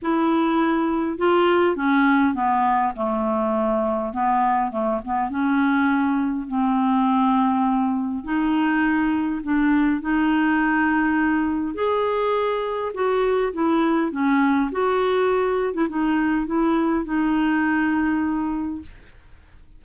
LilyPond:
\new Staff \with { instrumentName = "clarinet" } { \time 4/4 \tempo 4 = 102 e'2 f'4 cis'4 | b4 a2 b4 | a8 b8 cis'2 c'4~ | c'2 dis'2 |
d'4 dis'2. | gis'2 fis'4 e'4 | cis'4 fis'4.~ fis'16 e'16 dis'4 | e'4 dis'2. | }